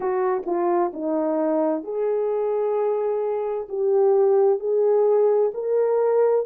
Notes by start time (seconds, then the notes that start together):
0.00 F#4
0.46 F4
0.93 D#4
1.83 G#4
3.68 G4
4.59 G#4
5.54 A#4